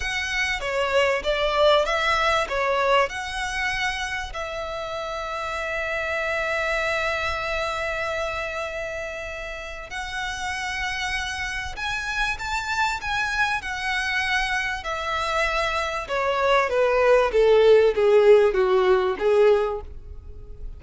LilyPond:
\new Staff \with { instrumentName = "violin" } { \time 4/4 \tempo 4 = 97 fis''4 cis''4 d''4 e''4 | cis''4 fis''2 e''4~ | e''1~ | e''1 |
fis''2. gis''4 | a''4 gis''4 fis''2 | e''2 cis''4 b'4 | a'4 gis'4 fis'4 gis'4 | }